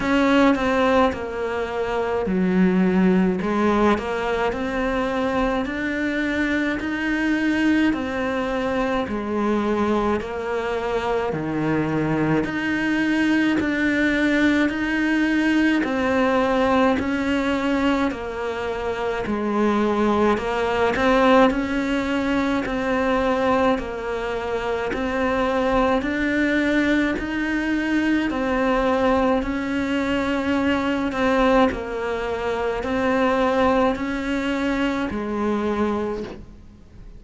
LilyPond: \new Staff \with { instrumentName = "cello" } { \time 4/4 \tempo 4 = 53 cis'8 c'8 ais4 fis4 gis8 ais8 | c'4 d'4 dis'4 c'4 | gis4 ais4 dis4 dis'4 | d'4 dis'4 c'4 cis'4 |
ais4 gis4 ais8 c'8 cis'4 | c'4 ais4 c'4 d'4 | dis'4 c'4 cis'4. c'8 | ais4 c'4 cis'4 gis4 | }